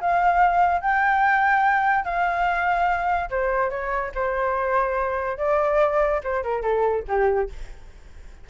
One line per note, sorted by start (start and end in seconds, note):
0.00 0.81 F5
0.81 2.04 G5
2.04 3.29 F5
3.30 3.70 C5
3.70 4.11 C#5
4.15 5.37 C5
5.37 6.21 D5
6.23 6.43 C5
6.43 6.62 A#4
6.62 7.03 A4
7.08 7.49 G4